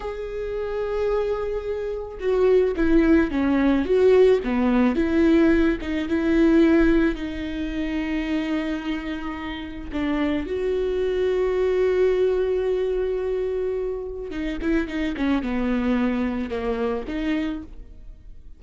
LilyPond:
\new Staff \with { instrumentName = "viola" } { \time 4/4 \tempo 4 = 109 gis'1 | fis'4 e'4 cis'4 fis'4 | b4 e'4. dis'8 e'4~ | e'4 dis'2.~ |
dis'2 d'4 fis'4~ | fis'1~ | fis'2 dis'8 e'8 dis'8 cis'8 | b2 ais4 dis'4 | }